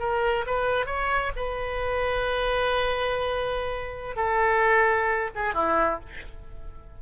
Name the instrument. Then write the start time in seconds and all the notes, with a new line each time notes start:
oboe
0.00 A#4
0.47 B4
0.86 C#5
1.36 B4
4.17 A4
5.35 G#4
5.54 E4